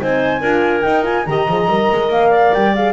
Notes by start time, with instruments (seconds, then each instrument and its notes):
0.00 double bass C4, horn D#4, clarinet C5, flute G#5
0.42 double bass D4, horn F4, clarinet A#4
0.82 horn D#4, double bass D#4, flute G5
1.04 horn F4, flute G#5
1.26 double bass D#3, horn G4, clarinet D#5, flute A#5
1.48 double bass F3, horn G#4
1.67 double bass G3, horn A#4
1.92 double bass G#3
2.09 double bass A#3, flute F5
2.30 clarinet D5
2.54 double bass G3, flute G5
2.76 horn G#4, flute F5